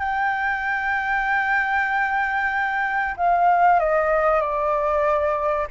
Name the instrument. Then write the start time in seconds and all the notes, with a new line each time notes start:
flute
0.00 G5
3.17 F5
3.80 D#5
4.41 D5